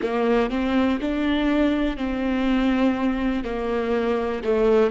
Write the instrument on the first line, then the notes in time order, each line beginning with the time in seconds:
viola
0.02 A#3
0.50 C4
1.01 D4
1.97 C4
3.44 A#3
4.44 A3